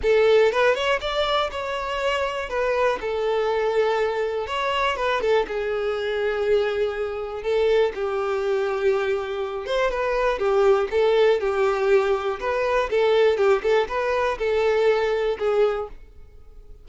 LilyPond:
\new Staff \with { instrumentName = "violin" } { \time 4/4 \tempo 4 = 121 a'4 b'8 cis''8 d''4 cis''4~ | cis''4 b'4 a'2~ | a'4 cis''4 b'8 a'8 gis'4~ | gis'2. a'4 |
g'2.~ g'8 c''8 | b'4 g'4 a'4 g'4~ | g'4 b'4 a'4 g'8 a'8 | b'4 a'2 gis'4 | }